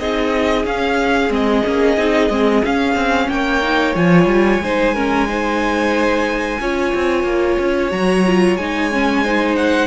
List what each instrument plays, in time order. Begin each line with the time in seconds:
0.00 cello C4, viola D#4, violin G#4 D#5
0.65 cello C#4, viola C#4, violin F5
1.30 cello G#3, viola C4, violin D#5
1.65 cello A#3, viola C#4
1.98 cello C4, viola D#4
2.30 cello G#3, viola C4
2.65 viola C#4, cello C#4, violin F5
2.95 cello C4
3.30 cello A#3, violin C#5 G5
3.62 viola D#4
3.95 cello F3, viola F4, violin G#5
4.25 cello G3
4.61 cello G#3, viola D#4, violin C5
4.95 viola C#4, violin A#4
5.28 viola D#4, violin C5
6.60 cello C#4, viola F4, violin C#5
6.95 cello C4
7.24 cello A#3
7.59 cello C#4
7.91 cello F#3, viola F#4, violin A#5
8.27 viola F4
8.57 cello G#3, viola D#4, violin G#5
8.92 viola C#4
9.24 viola D#4, violin C5
9.56 violin F#5